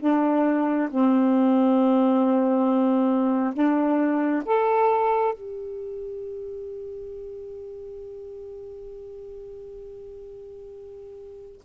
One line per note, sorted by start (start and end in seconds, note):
0.00 0.90 D4
0.91 3.54 C4
3.54 4.44 D4
4.46 5.34 A4
5.34 11.61 G4